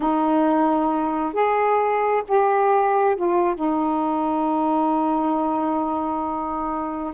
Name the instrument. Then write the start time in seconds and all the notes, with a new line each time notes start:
saxophone
0.00 D#4
1.33 G#4
2.28 G4
3.15 F4
3.55 D#4